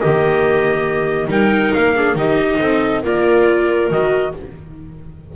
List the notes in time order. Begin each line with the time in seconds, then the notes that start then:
0.00 D#3 A#3 G4 D#5
1.28 G3 D#4 A#4 G5
1.74 A#3 F5
1.95 D4 G#4
2.15 D#3 D#4 G4 D#5
2.59 C4 A4
3.03 A#3 F4 A#4 D5
3.91 D#3 F#4 D#5